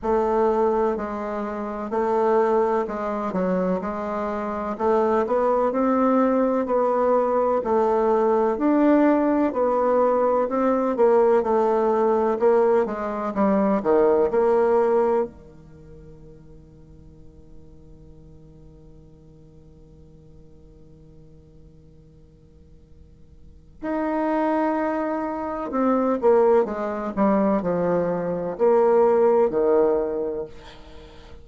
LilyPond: \new Staff \with { instrumentName = "bassoon" } { \time 4/4 \tempo 4 = 63 a4 gis4 a4 gis8 fis8 | gis4 a8 b8 c'4 b4 | a4 d'4 b4 c'8 ais8 | a4 ais8 gis8 g8 dis8 ais4 |
dis1~ | dis1~ | dis4 dis'2 c'8 ais8 | gis8 g8 f4 ais4 dis4 | }